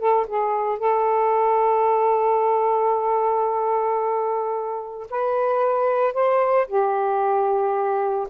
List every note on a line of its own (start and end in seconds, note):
0.00 0.27 A4
0.28 0.79 G#4
0.79 5.08 A4
5.11 6.14 B4
6.14 6.67 C5
6.68 8.28 G4